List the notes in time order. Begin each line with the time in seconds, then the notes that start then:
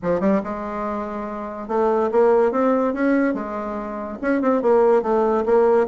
0.02 F3
0.20 G3
0.43 G#3
1.68 A3
2.11 A#3
2.51 C4
2.93 C#4
3.34 G#3
4.21 C#4
4.41 C4
4.62 A#3
5.02 A3
5.45 A#3